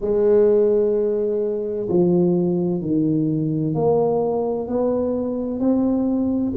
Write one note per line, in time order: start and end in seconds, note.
0.00 1.88 G#3
1.88 2.81 F3
2.81 3.74 D#3
3.74 4.67 A#3
4.67 5.59 B3
5.59 6.53 C4